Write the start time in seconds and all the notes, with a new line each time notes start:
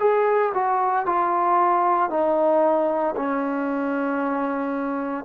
0.00 G#4
0.55 F#4
1.06 F4
2.10 D#4
3.17 C#4